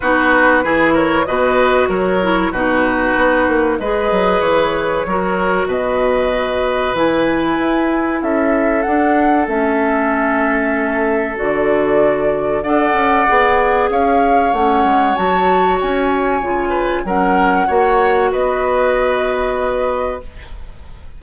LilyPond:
<<
  \new Staff \with { instrumentName = "flute" } { \time 4/4 \tempo 4 = 95 b'4. cis''8 dis''4 cis''4 | b'2 dis''4 cis''4~ | cis''4 dis''2 gis''4~ | gis''4 e''4 fis''4 e''4~ |
e''2 d''2 | fis''2 f''4 fis''4 | a''4 gis''2 fis''4~ | fis''4 dis''2. | }
  \new Staff \with { instrumentName = "oboe" } { \time 4/4 fis'4 gis'8 ais'8 b'4 ais'4 | fis'2 b'2 | ais'4 b'2.~ | b'4 a'2.~ |
a'1 | d''2 cis''2~ | cis''2~ cis''8 b'8 ais'4 | cis''4 b'2. | }
  \new Staff \with { instrumentName = "clarinet" } { \time 4/4 dis'4 e'4 fis'4. e'8 | dis'2 gis'2 | fis'2. e'4~ | e'2 d'4 cis'4~ |
cis'2 fis'2 | a'4 gis'2 cis'4 | fis'2 f'4 cis'4 | fis'1 | }
  \new Staff \with { instrumentName = "bassoon" } { \time 4/4 b4 e4 b,4 fis4 | b,4 b8 ais8 gis8 fis8 e4 | fis4 b,2 e4 | e'4 cis'4 d'4 a4~ |
a2 d2 | d'8 cis'8 b4 cis'4 a8 gis8 | fis4 cis'4 cis4 fis4 | ais4 b2. | }
>>